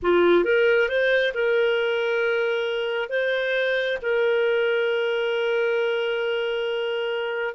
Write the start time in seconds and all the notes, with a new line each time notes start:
0.02 F4
0.44 A#4
0.88 C5
1.34 A#4
3.09 C5
4.02 A#4